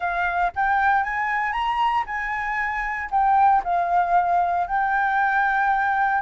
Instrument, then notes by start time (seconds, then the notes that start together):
flute
0.00 F5
0.55 G5
1.03 G#5
1.52 A#5
2.06 G#5
3.10 G5
3.64 F5
4.67 G5